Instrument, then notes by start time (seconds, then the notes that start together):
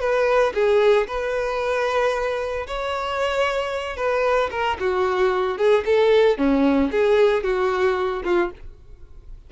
violin
0.00 B4
0.54 G#4
1.07 B4
2.67 C#5
3.97 B4
4.51 A#4
4.80 F#4
5.58 G#4
5.85 A4
6.38 C#4
6.91 G#4
7.43 F#4
8.24 F4